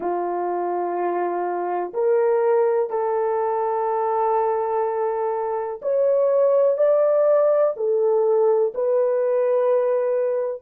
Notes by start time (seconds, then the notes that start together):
0.00 F4
1.94 A#4
2.90 A4
5.82 C#5
6.77 D5
7.76 A4
8.74 B4